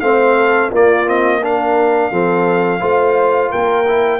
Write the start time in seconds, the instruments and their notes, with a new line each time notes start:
0.00 tuba A3, trombone C4, horn C5, trumpet F5
0.36 horn A4
0.70 tuba A#3, trombone A#3, horn F4, trumpet D5
1.06 trombone C4, trumpet D#5
1.41 trombone D4, horn A#4, trumpet F5
2.11 tuba F3, trombone C4, horn A4
2.79 tuba A3, trombone F4, horn C5
3.50 tuba A#3, horn A#4, trumpet G5
3.88 trombone E4